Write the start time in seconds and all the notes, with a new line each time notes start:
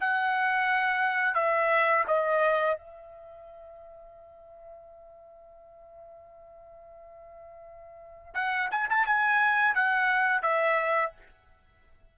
0.00 F#5
1.34 E5
2.07 D#5
2.77 E5
8.34 F#5
8.71 G#5
8.90 A5
9.06 G#5
9.75 F#5
10.42 E5